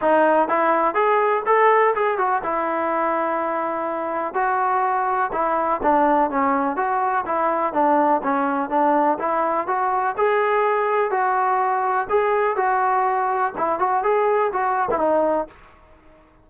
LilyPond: \new Staff \with { instrumentName = "trombone" } { \time 4/4 \tempo 4 = 124 dis'4 e'4 gis'4 a'4 | gis'8 fis'8 e'2.~ | e'4 fis'2 e'4 | d'4 cis'4 fis'4 e'4 |
d'4 cis'4 d'4 e'4 | fis'4 gis'2 fis'4~ | fis'4 gis'4 fis'2 | e'8 fis'8 gis'4 fis'8. e'16 dis'4 | }